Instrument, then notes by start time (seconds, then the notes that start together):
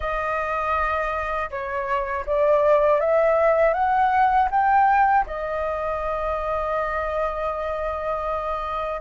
flute
0.00 D#5
1.50 C#5
2.25 D5
3.00 E5
3.73 F#5
4.50 G5
5.26 D#5